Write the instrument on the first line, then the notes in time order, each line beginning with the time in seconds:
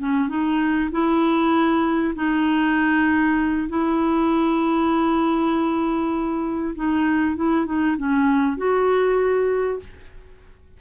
clarinet
0.00 C#4
0.29 D#4
0.92 E4
2.16 D#4
3.69 E4
6.76 D#4
7.36 E4
7.66 D#4
7.97 C#4
8.57 F#4